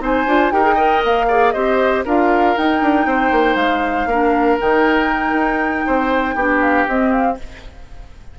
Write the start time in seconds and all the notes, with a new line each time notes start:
0.00 C4 D#4 C5 G#5
0.27 D4 F4
0.51 D#4 G4 A#4 G5
0.63 G#4
0.75 A#4 D#5
1.04 A#3 F5
1.28 G#4 D5
1.51 C4 G4 C5 D#5
2.04 D4 F4 A#4 F5
2.57 D#4 G5
2.82 D4
3.06 C4 C5
3.31 A#3
3.55 G#3 F5
4.06 A#3 D4 A#4
4.60 D#3 D#4 G5
5.33 D#4
5.86 C4 C5
6.35 B3 D4 G4
6.61 F5
6.88 C4 D#5
7.12 F5